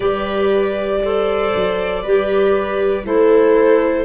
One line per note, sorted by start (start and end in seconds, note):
0.00 1.53 G3
0.00 1.01 G4
0.00 0.98 B4
0.00 3.05 D5
1.03 2.05 A4
1.03 2.02 C5
1.55 2.04 F#3
2.02 3.05 G3
2.02 3.04 G4
2.02 3.04 B4
3.04 4.05 A3
3.04 4.05 E4
3.04 4.05 A4
3.04 4.05 C5